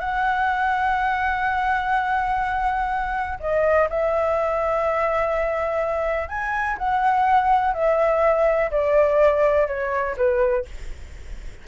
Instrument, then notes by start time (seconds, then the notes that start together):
flute
0.00 F#5
3.40 D#5
3.90 E5
6.29 G#5
6.78 F#5
7.74 E5
8.71 D5
9.68 C#5
10.17 B4